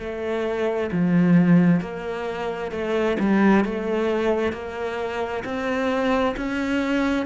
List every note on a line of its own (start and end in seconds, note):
0.00 0.91 A3
0.92 1.81 F3
1.81 2.72 A#3
2.72 3.17 A3
3.20 3.65 G3
3.65 4.53 A3
4.53 5.44 A#3
5.45 6.36 C4
6.37 7.26 C#4